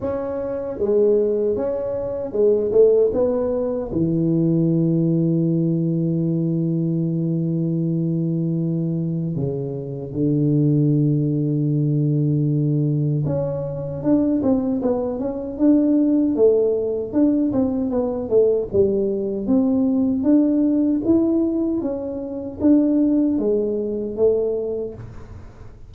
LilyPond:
\new Staff \with { instrumentName = "tuba" } { \time 4/4 \tempo 4 = 77 cis'4 gis4 cis'4 gis8 a8 | b4 e2.~ | e1 | cis4 d2.~ |
d4 cis'4 d'8 c'8 b8 cis'8 | d'4 a4 d'8 c'8 b8 a8 | g4 c'4 d'4 e'4 | cis'4 d'4 gis4 a4 | }